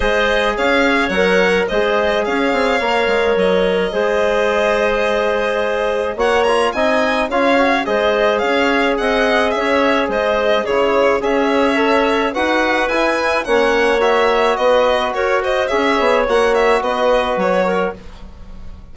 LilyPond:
<<
  \new Staff \with { instrumentName = "violin" } { \time 4/4 \tempo 4 = 107 dis''4 f''4 fis''4 dis''4 | f''2 dis''2~ | dis''2. fis''8 ais''8 | gis''4 f''4 dis''4 f''4 |
fis''4 e''4 dis''4 cis''4 | e''2 fis''4 gis''4 | fis''4 e''4 dis''4 cis''8 dis''8 | e''4 fis''8 e''8 dis''4 cis''4 | }
  \new Staff \with { instrumentName = "clarinet" } { \time 4/4 c''4 cis''2 c''4 | cis''2. c''4~ | c''2. cis''4 | dis''4 cis''4 c''4 cis''4 |
dis''4 cis''4 c''4 gis'4 | cis''2 b'2 | cis''2 b'4 ais'8 c''8 | cis''2 b'4. ais'8 | }
  \new Staff \with { instrumentName = "trombone" } { \time 4/4 gis'2 ais'4 gis'4~ | gis'4 ais'2 gis'4~ | gis'2. fis'8 f'8 | dis'4 f'8 fis'8 gis'2~ |
gis'2. e'4 | gis'4 a'4 fis'4 e'4 | cis'4 fis'2. | gis'4 fis'2. | }
  \new Staff \with { instrumentName = "bassoon" } { \time 4/4 gis4 cis'4 fis4 gis4 | cis'8 c'8 ais8 gis8 fis4 gis4~ | gis2. ais4 | c'4 cis'4 gis4 cis'4 |
c'4 cis'4 gis4 cis4 | cis'2 dis'4 e'4 | ais2 b4 fis'4 | cis'8 b8 ais4 b4 fis4 | }
>>